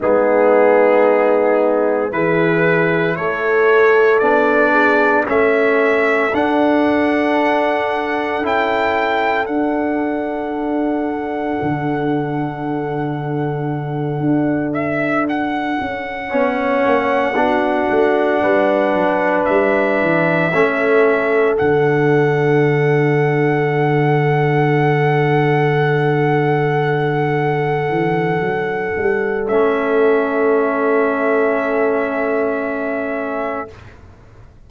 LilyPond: <<
  \new Staff \with { instrumentName = "trumpet" } { \time 4/4 \tempo 4 = 57 gis'2 b'4 cis''4 | d''4 e''4 fis''2 | g''4 fis''2.~ | fis''2 e''8 fis''4.~ |
fis''2~ fis''8 e''4.~ | e''8 fis''2.~ fis''8~ | fis''1 | e''1 | }
  \new Staff \with { instrumentName = "horn" } { \time 4/4 dis'2 gis'4 a'4~ | a'8 gis'8 a'2.~ | a'1~ | a'2.~ a'8 cis''8~ |
cis''8 fis'4 b'2 a'8~ | a'1~ | a'1~ | a'1 | }
  \new Staff \with { instrumentName = "trombone" } { \time 4/4 b2 e'2 | d'4 cis'4 d'2 | e'4 d'2.~ | d'2.~ d'8 cis'8~ |
cis'8 d'2. cis'8~ | cis'8 d'2.~ d'8~ | d'1 | cis'1 | }
  \new Staff \with { instrumentName = "tuba" } { \time 4/4 gis2 e4 a4 | b4 a4 d'2 | cis'4 d'2 d4~ | d4. d'4. cis'8 b8 |
ais8 b8 a8 g8 fis8 g8 e8 a8~ | a8 d2.~ d8~ | d2~ d8 e8 fis8 g8 | a1 | }
>>